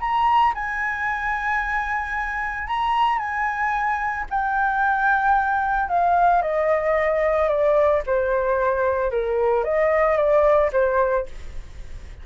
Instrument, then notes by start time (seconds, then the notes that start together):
flute
0.00 A#5
0.55 G#5
2.67 A#5
3.18 G#5
4.30 G5
5.89 F5
6.42 D#5
7.48 D5
8.06 C5
9.11 A#4
9.64 D#5
10.17 D5
10.72 C5